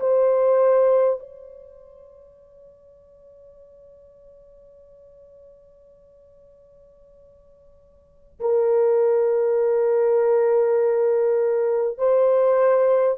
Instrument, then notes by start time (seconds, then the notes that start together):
horn
0.00 C5
1.19 C#5
8.40 A#4
11.98 C5